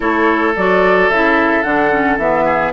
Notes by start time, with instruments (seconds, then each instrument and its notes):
0.00 bassoon A3, clarinet E4, oboe A4, flute C#5
0.56 bassoon F#3, clarinet F#4, flute D5
1.09 bassoon C#3, clarinet E4, flute E5
1.62 bassoon D3, clarinet D4, flute F#5
1.91 clarinet C#4
2.17 bassoon E3, clarinet B3, flute E5
2.45 oboe G#4